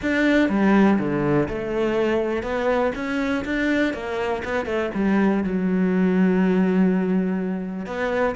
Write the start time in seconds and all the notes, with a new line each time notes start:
0.02 D4
0.49 G3
0.98 D3
1.48 A3
2.42 B3
2.95 C#4
3.44 D4
3.93 A#3
4.44 B3
4.65 A3
4.94 G3
5.43 F#3
7.86 B3